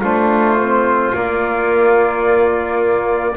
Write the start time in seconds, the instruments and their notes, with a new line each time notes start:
0.00 double bass A3, trombone D4, trumpet F4, flute C5
0.59 trombone C4
1.13 trombone A#3, double bass A#3, flute D5